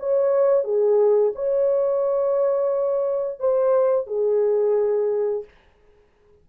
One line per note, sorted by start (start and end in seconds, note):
0.00 0.64 C#5
0.64 1.33 G#4
1.35 3.40 C#5
3.40 4.07 C5
4.07 5.45 G#4